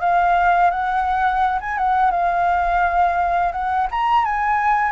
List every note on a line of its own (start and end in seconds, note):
0.00 0.71 F5
0.71 1.59 F#5
1.60 1.77 G#5
1.77 2.11 F#5
2.11 3.52 F5
3.52 3.87 F#5
3.91 4.25 A#5
4.25 4.92 G#5